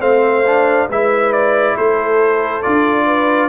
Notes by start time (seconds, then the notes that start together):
0.00 A3 C4 C5 F5
0.46 D4
0.88 G#3 E4 B4 E5
1.33 D5
1.77 A3 A4 C5
2.62 D4 F4 D5
3.05 B4